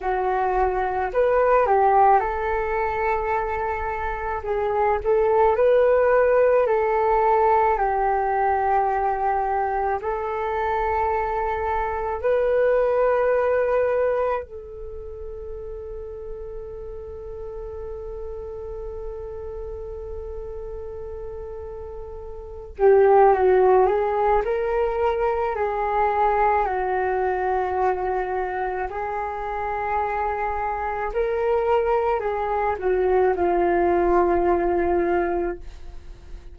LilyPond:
\new Staff \with { instrumentName = "flute" } { \time 4/4 \tempo 4 = 54 fis'4 b'8 g'8 a'2 | gis'8 a'8 b'4 a'4 g'4~ | g'4 a'2 b'4~ | b'4 a'2.~ |
a'1~ | a'8 g'8 fis'8 gis'8 ais'4 gis'4 | fis'2 gis'2 | ais'4 gis'8 fis'8 f'2 | }